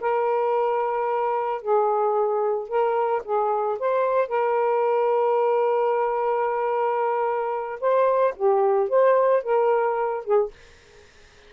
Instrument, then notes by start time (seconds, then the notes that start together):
saxophone
0.00 A#4
1.61 G#4
2.68 A#4
3.24 G#4
3.79 C5
4.28 A#4
7.80 C5
8.36 G4
8.89 C5
9.43 A#4
10.24 G#4